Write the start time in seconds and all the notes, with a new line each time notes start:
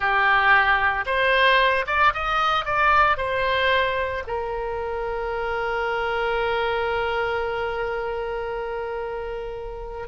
0.00 G4
1.06 C5
1.86 D5
2.13 D#5
2.65 D5
3.17 C5
4.27 A#4